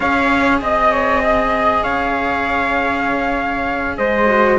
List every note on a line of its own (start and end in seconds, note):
0.00 0.61 C#4
0.00 4.26 G#4
0.00 0.60 C#5
0.00 0.60 F5
0.61 1.83 C4
0.61 1.83 D#5
0.61 0.91 D#5
0.91 1.22 C#5
1.23 1.83 D#5
1.83 3.97 C#4
1.83 3.97 C#5
1.83 3.97 F5
3.97 4.59 G#3
3.97 4.59 C5
3.97 4.58 D#5
4.26 4.57 F#4